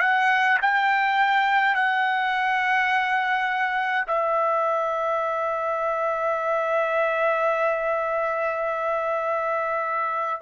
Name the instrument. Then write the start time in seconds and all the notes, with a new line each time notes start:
trumpet
0.00 F#5
0.62 G5
1.75 F#5
4.07 E5